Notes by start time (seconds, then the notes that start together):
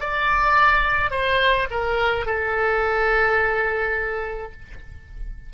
0.00 D5
1.11 C5
1.70 A#4
2.25 A4